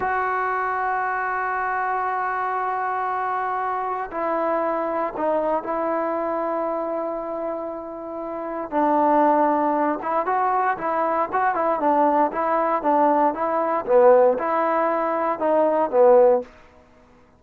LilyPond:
\new Staff \with { instrumentName = "trombone" } { \time 4/4 \tempo 4 = 117 fis'1~ | fis'1 | e'2 dis'4 e'4~ | e'1~ |
e'4 d'2~ d'8 e'8 | fis'4 e'4 fis'8 e'8 d'4 | e'4 d'4 e'4 b4 | e'2 dis'4 b4 | }